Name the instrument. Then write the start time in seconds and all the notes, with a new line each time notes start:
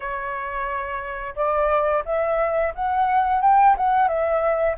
flute
0.00 C#5
1.35 D5
2.05 E5
2.75 F#5
3.41 G5
3.77 F#5
4.08 E5